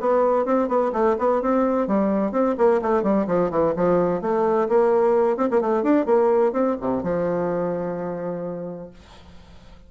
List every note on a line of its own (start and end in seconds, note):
0.00 0.45 B3
0.45 0.68 C4
0.68 0.91 B3
0.92 1.16 A3
1.18 1.41 B3
1.41 1.87 C4
1.87 2.32 G3
2.32 2.55 C4
2.58 2.81 A#3
2.81 3.03 A3
3.03 3.26 G3
3.27 3.50 F3
3.50 3.74 E3
3.76 4.21 F3
4.21 4.68 A3
4.69 5.37 A#3
5.37 5.49 C4
5.50 5.61 A#3
5.61 5.83 A3
5.83 6.05 D4
6.05 6.52 A#3
6.52 6.76 C4
6.80 7.03 C3
7.03 8.90 F3